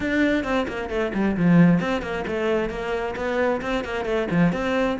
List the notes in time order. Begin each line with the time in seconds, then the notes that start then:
0.00 D4
0.43 C4
0.68 A#3
0.89 A3
1.14 G3
1.36 F3
1.80 C4
2.01 A#3
2.27 A3
2.69 A#3
3.16 B3
3.61 C4
3.84 A#3
4.05 A3
4.30 F3
4.52 C4